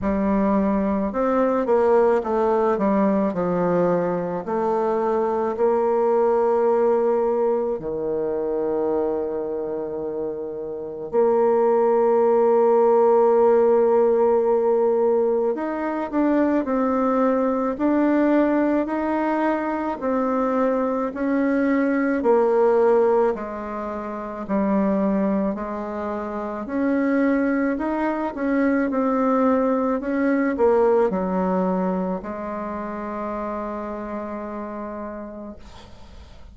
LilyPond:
\new Staff \with { instrumentName = "bassoon" } { \time 4/4 \tempo 4 = 54 g4 c'8 ais8 a8 g8 f4 | a4 ais2 dis4~ | dis2 ais2~ | ais2 dis'8 d'8 c'4 |
d'4 dis'4 c'4 cis'4 | ais4 gis4 g4 gis4 | cis'4 dis'8 cis'8 c'4 cis'8 ais8 | fis4 gis2. | }